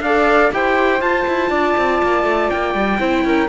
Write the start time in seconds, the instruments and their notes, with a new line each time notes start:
0.00 cello D4, viola A4, flute D5, trumpet F5
0.52 cello E4, viola G4, flute C5, trumpet G5
0.99 viola F4, cello F4, trumpet A5
1.27 cello E4
1.50 cello D4, flute D5
1.77 cello C4
2.02 cello A#3
2.24 cello A3
2.50 cello A#3, trumpet G5
2.74 cello G3
2.99 cello C4, viola E4, flute C5
3.24 cello C#4, flute A#4